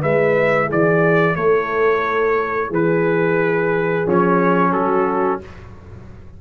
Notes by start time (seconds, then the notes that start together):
0.00 G#3 E4 B4 E5
0.66 E3 G#4 D5
1.35 A3 A4 C#5
2.68 E3 G#4 B4
4.06 F3 C#4 C#5
4.72 F#3 F#4 A4